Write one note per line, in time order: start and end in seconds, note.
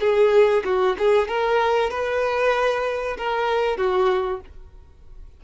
0.00 0.63 G#4
0.64 0.96 F#4
0.98 1.28 G#4
1.28 1.91 A#4
1.91 3.17 B4
3.18 3.77 A#4
3.77 4.40 F#4